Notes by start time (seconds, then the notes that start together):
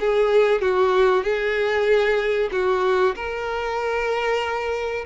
0.00 G#4
0.61 F#4
1.23 G#4
2.52 F#4
3.16 A#4